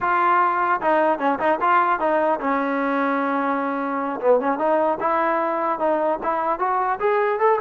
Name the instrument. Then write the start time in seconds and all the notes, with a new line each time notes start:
trombone
0.00 F4
0.81 D#4
1.19 C#4
1.39 D#4
1.60 F4
1.99 D#4
2.40 C#4
4.20 B3
4.40 C#4
4.58 D#4
5.00 E4
5.79 D#4
6.23 E4
6.59 F#4
6.99 G#4
7.39 A4